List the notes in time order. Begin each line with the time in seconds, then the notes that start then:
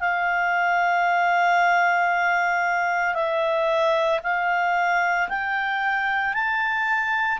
0.00 F5
3.14 E5
4.23 F5
5.29 G5
6.33 A5